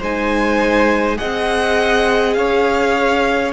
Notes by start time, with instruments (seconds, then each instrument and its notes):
0.00 cello G#3, viola D#4, violin C5 G#5
1.16 viola G#4, violin D#5 F#5
1.23 cello C4
2.34 cello C#4, violin C#5 F5